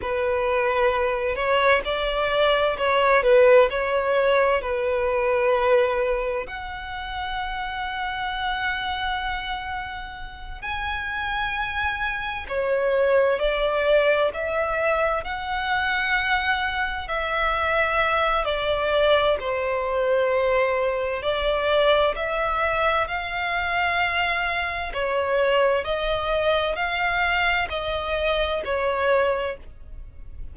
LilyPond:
\new Staff \with { instrumentName = "violin" } { \time 4/4 \tempo 4 = 65 b'4. cis''8 d''4 cis''8 b'8 | cis''4 b'2 fis''4~ | fis''2.~ fis''8 gis''8~ | gis''4. cis''4 d''4 e''8~ |
e''8 fis''2 e''4. | d''4 c''2 d''4 | e''4 f''2 cis''4 | dis''4 f''4 dis''4 cis''4 | }